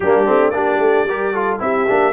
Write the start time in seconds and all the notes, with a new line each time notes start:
0.00 G3 A#3 D4 G4
0.25 A3 C4
0.50 A#3 D4 G4 D5
0.78 A3
1.04 G3 G4 A#4
1.32 F4 A4
1.59 C4 E4 G4 E5
1.87 A#3 D4